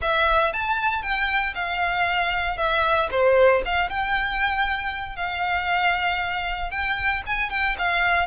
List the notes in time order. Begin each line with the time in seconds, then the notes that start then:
0.01 E5
0.53 A5
1.02 G5
1.54 F5
2.57 E5
3.10 C5
3.65 F5
3.89 G5
5.15 F5
6.71 G5
7.26 G#5
7.50 G5
7.78 F5